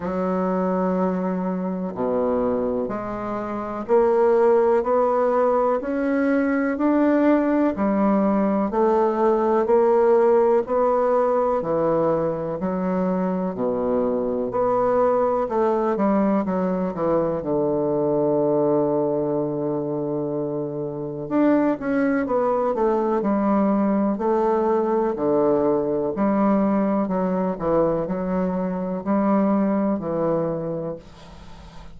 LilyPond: \new Staff \with { instrumentName = "bassoon" } { \time 4/4 \tempo 4 = 62 fis2 b,4 gis4 | ais4 b4 cis'4 d'4 | g4 a4 ais4 b4 | e4 fis4 b,4 b4 |
a8 g8 fis8 e8 d2~ | d2 d'8 cis'8 b8 a8 | g4 a4 d4 g4 | fis8 e8 fis4 g4 e4 | }